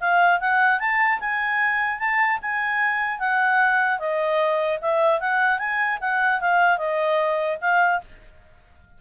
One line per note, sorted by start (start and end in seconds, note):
0.00 0.40 F5
0.40 0.79 F#5
0.79 1.19 A5
1.20 1.99 G#5
1.99 2.39 A5
2.42 3.19 G#5
3.19 3.99 F#5
3.99 4.79 D#5
4.81 5.20 E5
5.20 5.58 F#5
5.58 5.98 G#5
6.01 6.41 F#5
6.41 6.78 F5
6.78 7.58 D#5
7.61 8.01 F5